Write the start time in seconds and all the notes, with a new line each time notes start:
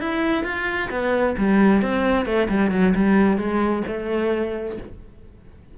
0.00 E4
0.44 F4
0.90 B3
1.37 G3
1.82 C4
2.25 A3
2.49 G3
2.71 F#3
2.95 G3
3.38 G#3
3.87 A3